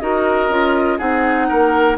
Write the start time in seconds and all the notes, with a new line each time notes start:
0.00 D#4 F#4 A#4 D#5
0.49 C#4 F4
0.98 C4 D#4 G#4 F#5
1.49 A#3 A#4